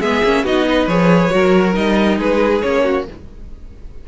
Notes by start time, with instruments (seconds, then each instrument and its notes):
0.00 cello G#3, viola B3, violin G#4 E5
0.23 cello A#3, viola C#4
0.43 cello B3, viola D#4, violin F#4 D#5
0.68 violin B4
0.86 cello F3, viola G#4, violin C#5
1.30 cello F#3, viola F#4, violin A#4
1.73 cello G3, viola D#4, violin D#5
2.17 cello G#3, violin G#4 B4
2.61 cello A#3, viola C#4, violin C#5
2.83 violin F#4